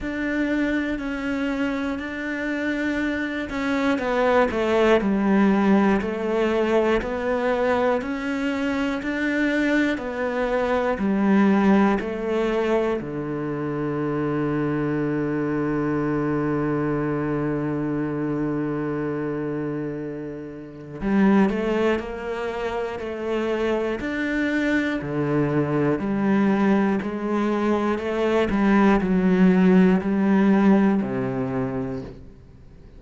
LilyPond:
\new Staff \with { instrumentName = "cello" } { \time 4/4 \tempo 4 = 60 d'4 cis'4 d'4. cis'8 | b8 a8 g4 a4 b4 | cis'4 d'4 b4 g4 | a4 d2.~ |
d1~ | d4 g8 a8 ais4 a4 | d'4 d4 g4 gis4 | a8 g8 fis4 g4 c4 | }